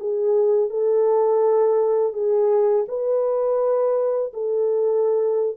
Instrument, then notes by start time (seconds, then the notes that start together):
horn
0.00 G#4
0.70 A4
2.13 G#4
2.88 B4
4.33 A4